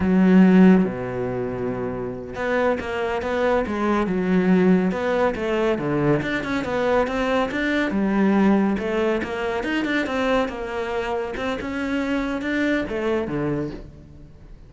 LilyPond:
\new Staff \with { instrumentName = "cello" } { \time 4/4 \tempo 4 = 140 fis2 b,2~ | b,4. b4 ais4 b8~ | b8 gis4 fis2 b8~ | b8 a4 d4 d'8 cis'8 b8~ |
b8 c'4 d'4 g4.~ | g8 a4 ais4 dis'8 d'8 c'8~ | c'8 ais2 c'8 cis'4~ | cis'4 d'4 a4 d4 | }